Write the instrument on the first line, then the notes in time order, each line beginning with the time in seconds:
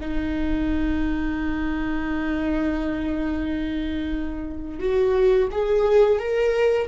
viola
0.00 D#4
4.79 F#4
5.51 G#4
6.19 A#4